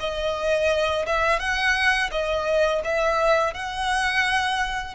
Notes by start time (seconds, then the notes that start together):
0.00 D#5
1.06 E5
1.39 F#5
2.11 D#5
2.84 E5
3.54 F#5